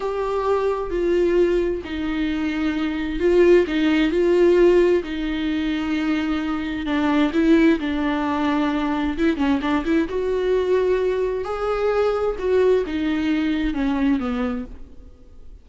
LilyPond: \new Staff \with { instrumentName = "viola" } { \time 4/4 \tempo 4 = 131 g'2 f'2 | dis'2. f'4 | dis'4 f'2 dis'4~ | dis'2. d'4 |
e'4 d'2. | e'8 cis'8 d'8 e'8 fis'2~ | fis'4 gis'2 fis'4 | dis'2 cis'4 b4 | }